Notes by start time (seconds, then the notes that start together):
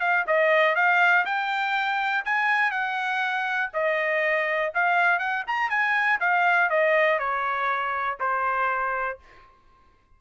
0.00 F5
0.27 D#5
0.75 F5
1.25 G5
2.25 G#5
2.71 F#5
3.73 D#5
4.74 F5
5.19 F#5
5.47 A#5
5.70 G#5
6.20 F5
6.70 D#5
7.19 C#5
8.20 C5